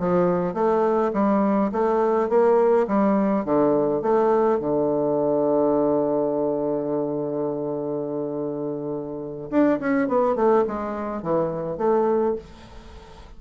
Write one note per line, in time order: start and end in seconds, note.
0.00 0.54 F3
0.54 1.12 A3
1.14 1.71 G3
1.72 2.29 A3
2.29 2.87 A#3
2.88 3.45 G3
3.45 4.02 D3
4.02 4.60 A3
4.60 9.50 D3
9.51 9.79 D4
9.80 10.08 C#4
10.08 10.36 B3
10.36 10.65 A3
10.67 11.23 G#3
11.23 11.78 E3
11.78 12.36 A3